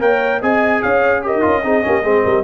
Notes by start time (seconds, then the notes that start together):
0.00 A#3 A#4 C#5 G5
0.41 C4 G#4 D#5 G#5
0.82 C#4 C#5 F5
1.22 G4 A#4 D#5
1.35 D#4
1.41 C#4 F4
1.64 C4 D#4 G#4
1.82 A#3 C#4 G4
2.03 G#3 C4 G#4
2.25 G3 A#4